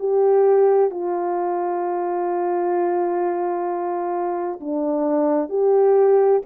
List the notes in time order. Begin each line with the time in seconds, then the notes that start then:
0.00 G4
0.91 F4
4.61 D4
5.50 G4